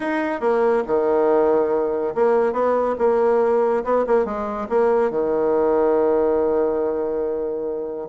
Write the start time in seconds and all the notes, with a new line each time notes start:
0.00 D#4
0.40 A#3
0.86 D#3
2.14 A#3
2.52 B3
2.98 A#3
3.83 B3
4.06 A#3
4.25 G#3
4.69 A#3
5.10 D#3